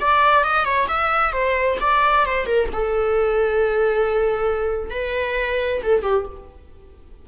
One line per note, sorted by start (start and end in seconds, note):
0.00 0.44 D5
0.44 0.65 D#5
0.65 0.87 C#5
0.88 1.32 E5
1.32 1.78 C5
1.80 2.25 D5
2.25 2.45 C5
2.45 2.68 A#4
2.72 4.90 A4
4.90 5.81 B4
5.83 6.02 A4
6.02 6.25 G4